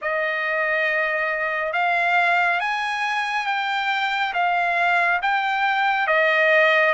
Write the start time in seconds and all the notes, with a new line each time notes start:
0.01 D#5
1.72 F5
2.60 G#5
3.46 G5
4.33 F5
5.22 G5
6.07 D#5